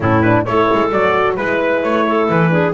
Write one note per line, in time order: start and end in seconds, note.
0.00 0.45 A2
0.00 0.23 C#4
0.00 0.46 E4
0.00 0.21 A4
0.21 0.46 D4
0.21 0.44 B4
0.45 0.68 A3
0.45 0.91 E4
0.45 1.37 A4
0.45 0.91 C#5
0.73 0.91 G#3
0.91 1.37 F#3
0.91 1.37 F#4
0.91 1.36 D5
1.36 1.83 G#3
1.36 2.50 E4
1.36 1.82 B4
1.36 2.06 B4
1.83 2.28 A3
1.83 2.29 C#5
2.07 2.51 A4
2.29 2.74 E3
2.29 2.74 B4
2.50 2.73 D4
2.50 2.74 G#4